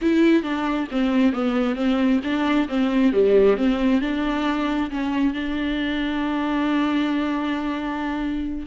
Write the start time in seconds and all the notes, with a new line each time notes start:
0.01 E4
0.43 D4
0.91 C4
1.32 B3
1.75 C4
2.23 D4
2.68 C4
3.13 G3
3.57 C4
4.01 D4
4.90 C#4
5.33 D4